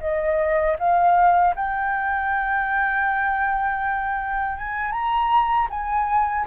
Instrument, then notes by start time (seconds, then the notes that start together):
flute
0.00 D#5
0.78 F5
1.55 G5
4.57 G#5
4.91 A#5
5.70 G#5